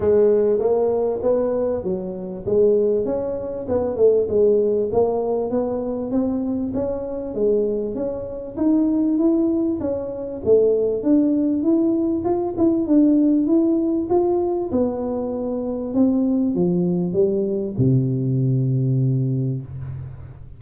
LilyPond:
\new Staff \with { instrumentName = "tuba" } { \time 4/4 \tempo 4 = 98 gis4 ais4 b4 fis4 | gis4 cis'4 b8 a8 gis4 | ais4 b4 c'4 cis'4 | gis4 cis'4 dis'4 e'4 |
cis'4 a4 d'4 e'4 | f'8 e'8 d'4 e'4 f'4 | b2 c'4 f4 | g4 c2. | }